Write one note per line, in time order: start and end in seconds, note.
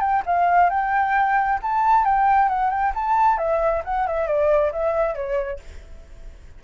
0.00 0.22 G5
0.26 0.70 F5
0.70 1.59 G5
1.62 2.05 A5
2.05 2.49 G5
2.49 2.70 F#5
2.70 2.92 G5
2.95 3.38 A5
3.38 3.83 E5
3.84 4.07 F#5
4.07 4.27 E5
4.27 4.72 D5
4.72 5.15 E5
5.15 5.59 C#5